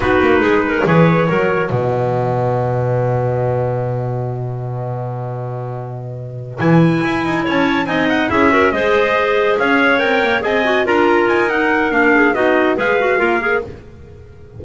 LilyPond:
<<
  \new Staff \with { instrumentName = "trumpet" } { \time 4/4 \tempo 4 = 141 b'2 cis''2 | dis''1~ | dis''1~ | dis''2.~ dis''8 gis''8~ |
gis''4. a''4 gis''8 fis''8 e''8~ | e''8 dis''2 f''4 g''8~ | g''8 gis''4 ais''4 gis''8 fis''4 | f''4 dis''4 f''2 | }
  \new Staff \with { instrumentName = "clarinet" } { \time 4/4 fis'4 gis'8 ais'8 b'4 ais'4 | b'1~ | b'1~ | b'1~ |
b'4. cis''4 dis''4 gis'8 | ais'8 c''2 cis''4.~ | cis''8 dis''4 ais'2~ ais'8~ | ais'8 gis'8 fis'4 b'4 ais'4 | }
  \new Staff \with { instrumentName = "clarinet" } { \time 4/4 dis'2 gis'4 fis'4~ | fis'1~ | fis'1~ | fis'2.~ fis'8 e'8~ |
e'2~ e'8 dis'4 e'8 | fis'8 gis'2. ais'8~ | ais'8 gis'8 fis'8 f'4. dis'4 | d'4 dis'4 gis'8 fis'8 f'8 gis'8 | }
  \new Staff \with { instrumentName = "double bass" } { \time 4/4 b8 ais8 gis4 e4 fis4 | b,1~ | b,1~ | b,2.~ b,8 e8~ |
e8 e'8 dis'8 cis'4 c'4 cis'8~ | cis'8 gis2 cis'4 c'8 | ais8 c'4 d'4 dis'4. | ais4 b4 gis4 ais4 | }
>>